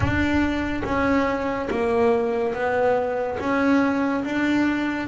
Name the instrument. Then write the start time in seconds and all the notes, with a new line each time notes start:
double bass
0.00 D4
0.84 C#4
1.70 A#3
2.53 B3
3.39 C#4
4.24 D4